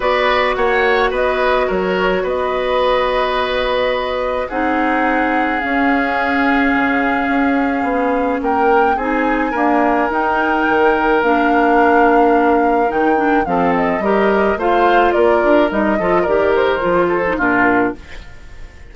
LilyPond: <<
  \new Staff \with { instrumentName = "flute" } { \time 4/4 \tempo 4 = 107 d''4 fis''4 dis''4 cis''4 | dis''1 | fis''2 f''2~ | f''2. g''4 |
gis''2 g''2 | f''2. g''4 | f''8 dis''4. f''4 d''4 | dis''4 d''8 c''4. ais'4 | }
  \new Staff \with { instrumentName = "oboe" } { \time 4/4 b'4 cis''4 b'4 ais'4 | b'1 | gis'1~ | gis'2. ais'4 |
gis'4 ais'2.~ | ais'1 | a'4 ais'4 c''4 ais'4~ | ais'8 a'8 ais'4. a'8 f'4 | }
  \new Staff \with { instrumentName = "clarinet" } { \time 4/4 fis'1~ | fis'1 | dis'2 cis'2~ | cis'1 |
dis'4 ais4 dis'2 | d'2. dis'8 d'8 | c'4 g'4 f'2 | dis'8 f'8 g'4 f'8. dis'16 d'4 | }
  \new Staff \with { instrumentName = "bassoon" } { \time 4/4 b4 ais4 b4 fis4 | b1 | c'2 cis'2 | cis4 cis'4 b4 ais4 |
c'4 d'4 dis'4 dis4 | ais2. dis4 | f4 g4 a4 ais8 d'8 | g8 f8 dis4 f4 ais,4 | }
>>